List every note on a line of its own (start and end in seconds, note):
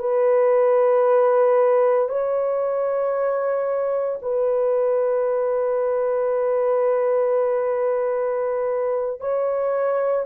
0.00 2.09 B4
2.09 4.20 C#5
4.22 9.21 B4
9.21 10.26 C#5